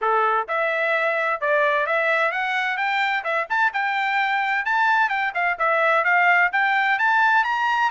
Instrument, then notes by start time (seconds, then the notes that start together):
trumpet
0.01 A4
0.48 E5
1.40 D5
1.86 E5
2.31 F#5
2.77 G5
3.23 E5
3.49 A5
3.73 G5
4.65 A5
5.09 G5
5.34 F5
5.58 E5
6.04 F5
6.52 G5
6.99 A5
7.44 A#5